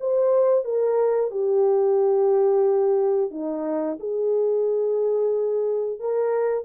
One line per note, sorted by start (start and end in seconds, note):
0.00 0.64 C5
0.64 1.30 A#4
1.30 3.30 G4
3.31 3.97 D#4
3.99 5.99 G#4
5.99 6.64 A#4